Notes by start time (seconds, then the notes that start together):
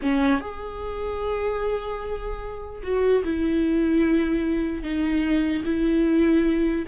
0.02 C#4
0.40 G#4
2.82 F#4
3.23 E4
4.82 D#4
5.64 E4